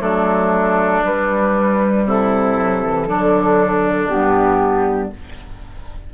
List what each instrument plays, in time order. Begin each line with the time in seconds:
0.00 bassoon F#3, clarinet A3, oboe D4, flute A4
1.04 bassoon G3, clarinet G3, flute B4
2.05 bassoon C3, oboe E4, flute A4
2.57 clarinet F#3
2.82 clarinet E3
3.05 bassoon D3, clarinet F#3, oboe D4
4.08 bassoon G2, clarinet B3, flute G4